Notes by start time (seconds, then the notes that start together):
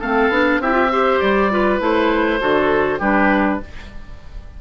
0.00 A3 C4 A4 F5
0.29 B3 D4
0.59 C4 E4 G4 E5
0.72 F4
0.92 G4 C5
1.20 G3 D5
1.51 F4 B4
1.80 A3 E4 C5
2.40 D3 F#4 A4
2.99 G3 D4 G4 B4